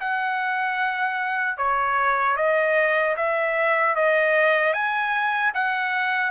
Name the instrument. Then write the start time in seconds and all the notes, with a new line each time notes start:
trumpet
0.00 F#5
1.57 C#5
2.36 D#5
3.17 E5
3.95 D#5
4.73 G#5
5.54 F#5